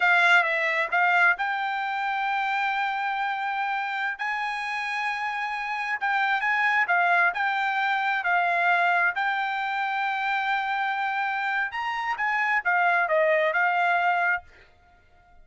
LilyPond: \new Staff \with { instrumentName = "trumpet" } { \time 4/4 \tempo 4 = 133 f''4 e''4 f''4 g''4~ | g''1~ | g''4~ g''16 gis''2~ gis''8.~ | gis''4~ gis''16 g''4 gis''4 f''8.~ |
f''16 g''2 f''4.~ f''16~ | f''16 g''2.~ g''8.~ | g''2 ais''4 gis''4 | f''4 dis''4 f''2 | }